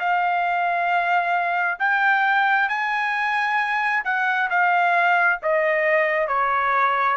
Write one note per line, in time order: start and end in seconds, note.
0.00 1.79 F5
1.80 2.69 G5
2.69 4.04 G#5
4.05 4.49 F#5
4.51 5.40 F5
5.43 6.28 D#5
6.28 7.17 C#5